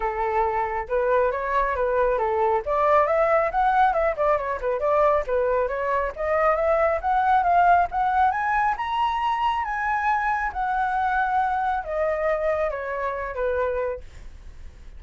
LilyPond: \new Staff \with { instrumentName = "flute" } { \time 4/4 \tempo 4 = 137 a'2 b'4 cis''4 | b'4 a'4 d''4 e''4 | fis''4 e''8 d''8 cis''8 b'8 d''4 | b'4 cis''4 dis''4 e''4 |
fis''4 f''4 fis''4 gis''4 | ais''2 gis''2 | fis''2. dis''4~ | dis''4 cis''4. b'4. | }